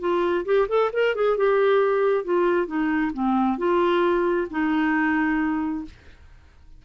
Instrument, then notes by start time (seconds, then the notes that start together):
clarinet
0.00 F4
0.45 G4
0.68 A4
0.93 A#4
1.15 G#4
1.37 G4
2.24 F4
2.67 D#4
3.13 C4
3.58 F4
4.50 D#4